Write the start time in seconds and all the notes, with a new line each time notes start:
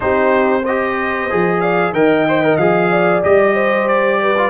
0.00 C4 D#4 G4 C5
0.62 G4 C5 D#5
1.30 F3 G#4
1.60 D5 F5
1.92 D#3 A#4 D#5 G5
2.28 C5
2.43 A#4
2.57 F3 G#4 F5
2.91 D5
3.22 G3 G4 D#5
3.54 C5
3.88 D5
4.21 B4
4.37 F4